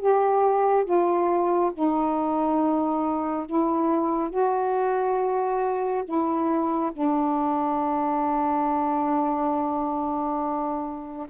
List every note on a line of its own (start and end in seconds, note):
0.00 0.85 G4
0.85 1.72 F4
1.74 3.47 D#4
3.47 4.30 E4
4.30 6.04 F#4
6.05 6.92 E4
6.93 11.28 D4